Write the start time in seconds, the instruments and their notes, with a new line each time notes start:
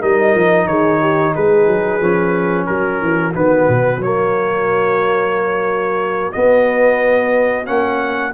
0.00 tuba G3, trombone D#4, horn A#4, trumpet D#5
0.35 tuba F3
0.65 tuba D#3, horn G#4, trumpet C#5
1.01 horn G4
1.34 tuba G#3, horn G#4, trumpet B4
1.67 tuba F#3
2.01 tuba F3, trombone C#4
2.66 tuba F#3, horn F#4, trumpet A#4
3.02 tuba E3
3.35 tuba D#3, trombone B3, trumpet B4
3.69 tuba B2
3.98 tuba F#3, trombone A#3, trumpet C#5
6.32 trombone B3, tuba B3, trumpet D#5
7.66 tuba A#3, trombone C#4, trumpet F#5